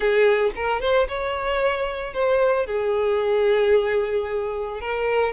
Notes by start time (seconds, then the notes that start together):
0.00 G#4
0.55 A#4
0.80 C5
1.08 C#5
2.13 C5
2.66 G#4
4.81 A#4